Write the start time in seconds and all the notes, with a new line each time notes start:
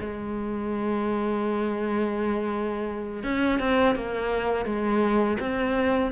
0.00 G#3
3.23 C#4
3.59 C4
3.95 A#3
4.65 G#3
5.40 C4